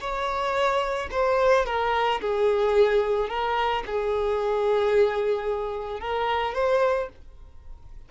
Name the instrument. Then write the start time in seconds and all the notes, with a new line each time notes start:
violin
0.00 C#5
1.11 C5
1.66 A#4
2.21 G#4
3.29 A#4
3.86 G#4
6.00 A#4
6.54 C5